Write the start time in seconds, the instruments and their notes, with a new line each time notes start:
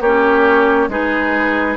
0.00 bassoon A#3, clarinet C#4, oboe G4, flute C#5
0.88 bassoon G#3, clarinet D#4, oboe G#4, flute B4